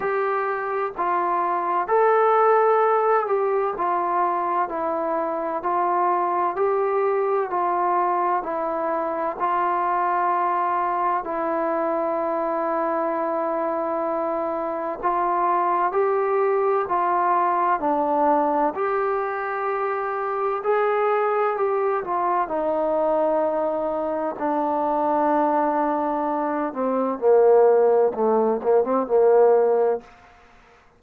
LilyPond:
\new Staff \with { instrumentName = "trombone" } { \time 4/4 \tempo 4 = 64 g'4 f'4 a'4. g'8 | f'4 e'4 f'4 g'4 | f'4 e'4 f'2 | e'1 |
f'4 g'4 f'4 d'4 | g'2 gis'4 g'8 f'8 | dis'2 d'2~ | d'8 c'8 ais4 a8 ais16 c'16 ais4 | }